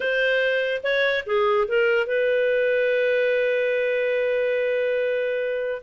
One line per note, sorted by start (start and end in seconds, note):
0.00 0.81 C5
0.83 1.24 C#5
1.26 1.67 G#4
1.67 2.06 A#4
2.06 5.81 B4